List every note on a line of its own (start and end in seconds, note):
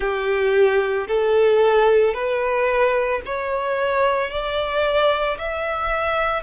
0.00 1.07 G4
1.07 2.14 A4
2.14 3.21 B4
3.25 4.30 C#5
4.30 5.37 D5
5.38 6.43 E5